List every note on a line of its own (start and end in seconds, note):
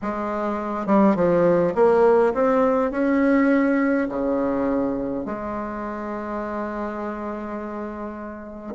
0.02 0.86 G#3
0.86 1.15 G3
1.15 1.73 F3
1.74 2.33 A#3
2.34 2.91 C4
2.91 4.08 C#4
4.08 5.25 C#3
5.25 8.74 G#3